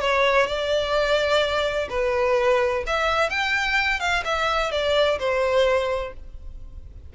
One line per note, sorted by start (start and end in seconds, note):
0.00 0.46 C#5
0.46 1.88 D5
1.89 2.83 B4
2.86 3.29 E5
3.29 3.99 G5
3.99 4.23 F5
4.24 4.71 E5
4.71 5.18 D5
5.18 6.13 C5